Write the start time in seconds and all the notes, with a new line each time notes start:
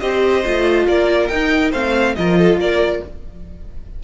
0.00 C4 G4 C5 D#5
0.46 A3 F4
0.87 A#3 A#4 D5
1.28 D#4 G5
1.71 A3 C4 C5 F5
2.15 F3 F4 A#4 D#5
2.39 A4
2.57 A#3 A#4 D5